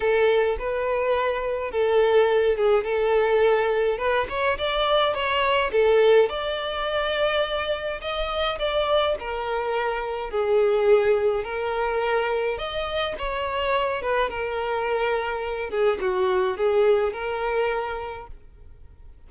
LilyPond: \new Staff \with { instrumentName = "violin" } { \time 4/4 \tempo 4 = 105 a'4 b'2 a'4~ | a'8 gis'8 a'2 b'8 cis''8 | d''4 cis''4 a'4 d''4~ | d''2 dis''4 d''4 |
ais'2 gis'2 | ais'2 dis''4 cis''4~ | cis''8 b'8 ais'2~ ais'8 gis'8 | fis'4 gis'4 ais'2 | }